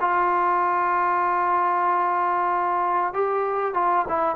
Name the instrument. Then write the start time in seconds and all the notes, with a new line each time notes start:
trombone
0.00 F4
3.13 G4
3.74 F4
4.08 E4